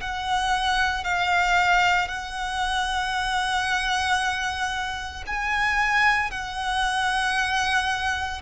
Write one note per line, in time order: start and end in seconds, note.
0.00 1.04 F#5
1.04 2.08 F5
2.08 5.23 F#5
5.26 6.31 G#5
6.31 8.41 F#5